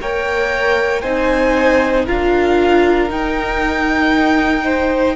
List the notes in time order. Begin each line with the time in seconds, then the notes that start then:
0.00 A#3 A#4 C#5 G5
1.01 C4 D#4 C5 G#5
2.05 D4 F4 A#4 F5
3.09 D#4 G5
4.64 C5